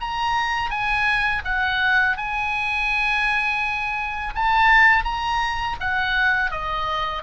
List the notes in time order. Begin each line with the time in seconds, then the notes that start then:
0.00 A#5
0.70 G#5
1.44 F#5
2.17 G#5
4.34 A5
5.04 A#5
5.80 F#5
6.51 D#5